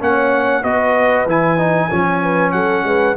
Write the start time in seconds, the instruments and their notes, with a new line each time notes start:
0.00 tuba A#3, trombone C#4, horn C#5, trumpet F#5
0.62 tuba B3, trombone F#4, horn B4, trumpet D#5
1.27 tuba E3, trombone E4, trumpet G#5
1.58 trombone D#4
1.91 tuba F3, trombone C#4, horn C#5
2.22 horn B4
2.52 tuba F#3, horn A4, trumpet F#5
2.84 tuba G#3, horn B4